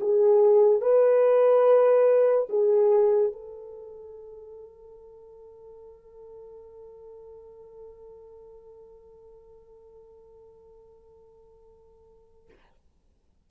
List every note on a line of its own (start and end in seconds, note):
0.00 0.81 G#4
0.81 2.48 B4
2.49 3.32 G#4
3.32 12.49 A4